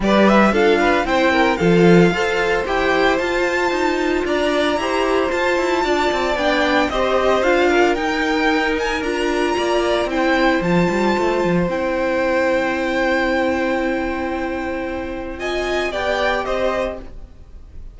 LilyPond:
<<
  \new Staff \with { instrumentName = "violin" } { \time 4/4 \tempo 4 = 113 d''8 e''8 f''4 g''4 f''4~ | f''4 g''4 a''2 | ais''2 a''2 | g''4 dis''4 f''4 g''4~ |
g''8 gis''8 ais''2 g''4 | a''2 g''2~ | g''1~ | g''4 gis''4 g''4 dis''4 | }
  \new Staff \with { instrumentName = "violin" } { \time 4/4 b'4 a'8 b'8 c''8 ais'8 a'4 | c''1 | d''4 c''2 d''4~ | d''4 c''4. ais'4.~ |
ais'2 d''4 c''4~ | c''1~ | c''1~ | c''4 dis''4 d''4 c''4 | }
  \new Staff \with { instrumentName = "viola" } { \time 4/4 g'4 f'4 e'4 f'4 | a'4 g'4 f'2~ | f'4 g'4 f'2 | d'4 g'4 f'4 dis'4~ |
dis'4 f'2 e'4 | f'2 e'2~ | e'1~ | e'4 f'4 g'2 | }
  \new Staff \with { instrumentName = "cello" } { \time 4/4 g4 d'4 c'4 f4 | f'4 e'4 f'4 dis'4 | d'4 e'4 f'8 e'8 d'8 c'8 | b4 c'4 d'4 dis'4~ |
dis'4 d'4 ais4 c'4 | f8 g8 a8 f8 c'2~ | c'1~ | c'2 b4 c'4 | }
>>